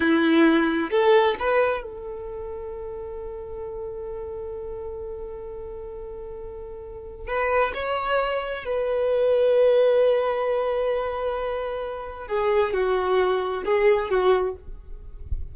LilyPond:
\new Staff \with { instrumentName = "violin" } { \time 4/4 \tempo 4 = 132 e'2 a'4 b'4 | a'1~ | a'1~ | a'1 |
b'4 cis''2 b'4~ | b'1~ | b'2. gis'4 | fis'2 gis'4 fis'4 | }